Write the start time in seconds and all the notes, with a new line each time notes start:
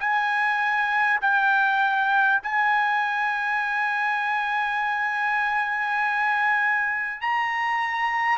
0.00 G#5
1.21 G5
2.42 G#5
7.21 A#5